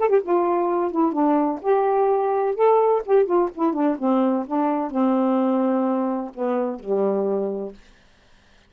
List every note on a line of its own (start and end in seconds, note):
0.00 0.09 A4
0.09 0.21 G4
0.23 0.92 F4
0.92 1.13 E4
1.13 1.60 D4
1.62 2.56 G4
2.56 3.03 A4
3.06 3.26 G4
3.26 3.50 F4
3.55 3.74 E4
3.74 3.97 D4
3.99 4.46 C4
4.47 4.91 D4
4.91 6.32 C4
6.35 6.80 B3
6.80 7.74 G3